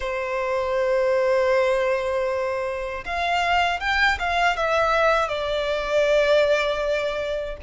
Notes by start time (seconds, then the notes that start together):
0.00 C5
3.05 F5
3.80 G5
4.19 F5
4.56 E5
5.28 D5